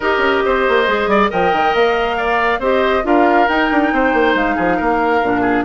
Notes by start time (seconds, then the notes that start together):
0.00 D#4 G4 A#4 D#5
0.17 C#4
0.45 C4 C5
0.68 A#3
0.86 G#3 G#4
1.07 G3 D5
1.29 F3 A#4 D#5 G5
1.52 D#3
1.74 A#3 F5
2.17 D5
2.59 C4 G4 C5 D#5
3.03 D4 F4 A#4 F5
3.48 D#4 G5
3.71 D4
3.92 C4 C5
4.13 A#3
4.34 G#3 F5
4.55 F3 G#4
4.76 A#3 A#4
5.22 A#2 D4
5.41 G#4